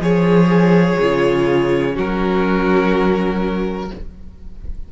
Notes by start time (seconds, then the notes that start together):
0.00 F3 G#4 C#5
1.00 C#3 F4
1.93 F#3 C#4 F#4 A#4